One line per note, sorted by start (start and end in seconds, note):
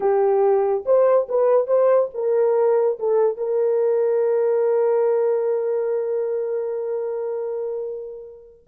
0.00 0.84 G4
0.85 1.28 C5
1.28 1.67 B4
1.67 2.09 C5
2.13 2.98 A#4
2.99 3.37 A4
3.37 8.65 A#4